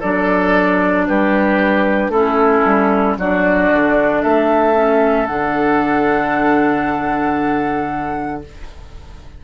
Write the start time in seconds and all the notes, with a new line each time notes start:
0.00 F#3 D4 A4 D5
1.07 G3 G4 B4
2.09 A3 C#4 E4 A4
2.65 G3
3.18 F#3 D4 F#4 D5
3.72 D3
4.22 A3 A4 E5
4.75 C#4
5.27 D3 D4 F#5